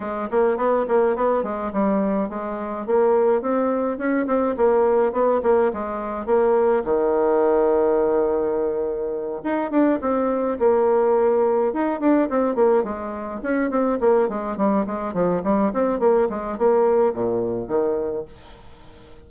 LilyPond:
\new Staff \with { instrumentName = "bassoon" } { \time 4/4 \tempo 4 = 105 gis8 ais8 b8 ais8 b8 gis8 g4 | gis4 ais4 c'4 cis'8 c'8 | ais4 b8 ais8 gis4 ais4 | dis1~ |
dis8 dis'8 d'8 c'4 ais4.~ | ais8 dis'8 d'8 c'8 ais8 gis4 cis'8 | c'8 ais8 gis8 g8 gis8 f8 g8 c'8 | ais8 gis8 ais4 ais,4 dis4 | }